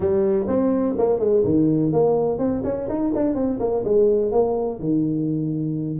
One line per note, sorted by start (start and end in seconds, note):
0.00 0.46 G3
0.47 0.95 C4
0.98 1.19 A#3
1.19 1.43 G#3
1.44 1.92 D#3
1.92 2.38 A#3
2.38 2.62 C4
2.64 2.88 C#4
2.88 3.12 D#4
3.14 3.35 D4
3.35 3.59 C4
3.59 3.83 A#3
3.84 4.31 G#3
4.31 4.79 A#3
4.79 5.99 D#3